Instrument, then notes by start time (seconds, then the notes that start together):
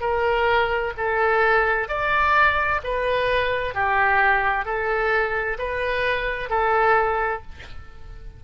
oboe
0.00 A#4
0.97 A4
1.88 D5
2.83 B4
3.74 G4
4.65 A4
5.58 B4
6.50 A4